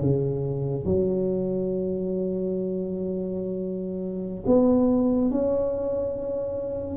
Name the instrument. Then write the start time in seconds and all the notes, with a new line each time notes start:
tuba
0.00 C#3
0.84 F#3
4.46 B3
5.30 C#4